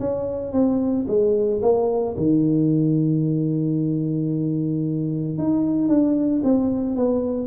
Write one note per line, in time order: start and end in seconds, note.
0.00 0.53 C#4
0.53 1.06 C4
1.08 1.62 G#3
1.63 2.16 A#3
2.18 5.39 D#3
5.39 5.89 D#4
5.89 6.42 D4
6.44 6.96 C4
6.96 7.48 B3